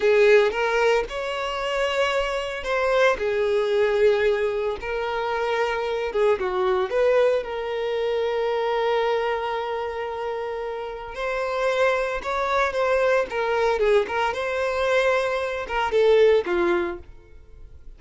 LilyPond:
\new Staff \with { instrumentName = "violin" } { \time 4/4 \tempo 4 = 113 gis'4 ais'4 cis''2~ | cis''4 c''4 gis'2~ | gis'4 ais'2~ ais'8 gis'8 | fis'4 b'4 ais'2~ |
ais'1~ | ais'4 c''2 cis''4 | c''4 ais'4 gis'8 ais'8 c''4~ | c''4. ais'8 a'4 f'4 | }